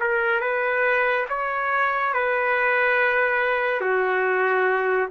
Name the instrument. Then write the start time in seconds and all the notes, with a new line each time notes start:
trumpet
0.00 A#4
0.41 B4
1.29 C#5
2.14 B4
3.81 F#4